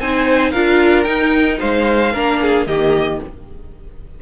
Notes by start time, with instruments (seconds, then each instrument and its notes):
0.00 cello C4, viola D#4, violin C5 G#5
0.52 cello D4, viola F4, violin A#4 F5
1.03 viola D#4, cello D#4, violin G5
1.59 cello G#3, violin C5 F5
2.13 cello A#3, viola D4, violin A#4
2.42 violin G#4
2.67 cello D#3, viola A#3, violin G4 D#5